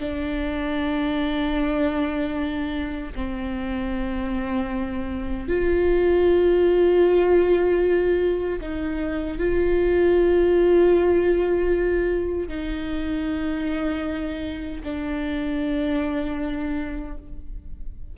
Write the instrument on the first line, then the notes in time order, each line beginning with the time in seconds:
viola
0.00 D4
3.16 C4
5.48 F4
8.61 D#4
9.38 F4
12.49 D#4
14.84 D4